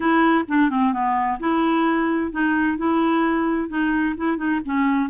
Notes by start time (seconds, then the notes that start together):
0.00 E4
0.47 D4
0.70 C4
0.92 B3
1.39 E4
2.31 D#4
2.77 E4
3.69 D#4
4.16 E4
4.37 D#4
4.65 C#4